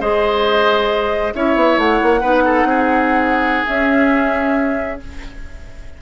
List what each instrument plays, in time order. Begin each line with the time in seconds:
0.00 bassoon G#3, clarinet G#4, oboe C5, flute D#5
1.34 bassoon C#4, clarinet E4, oboe C#5, flute E5
1.55 bassoon B3
1.77 bassoon A3, flute F#5
2.02 bassoon A#3
2.20 bassoon B3, clarinet D#4, oboe B4
2.44 oboe A4
2.63 bassoon C4, oboe G#4
3.65 clarinet C#4, bassoon C#4, flute E5